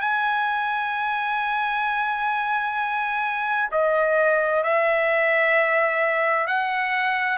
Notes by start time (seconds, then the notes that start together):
0.00 G#5
3.71 D#5
4.63 E5
6.47 F#5